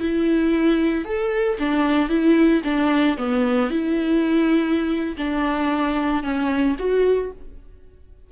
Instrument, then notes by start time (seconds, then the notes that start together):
viola
0.00 E4
1.05 A4
1.59 D4
2.09 E4
2.64 D4
3.18 B3
3.71 E4
5.17 D4
6.23 C#4
6.79 F#4